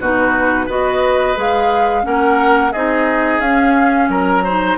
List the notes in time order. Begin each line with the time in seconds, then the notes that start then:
0.00 B2 D#4 F#4 B4
0.66 B3 F#4 B4 D#5
1.36 G#3 G#4 F5
2.03 A#3 C#4 A#4 F#5
2.72 C4 D#4 G#4 D#5
3.40 C#4 F5
4.09 F#3 A#4 A#5
4.44 D#4 C5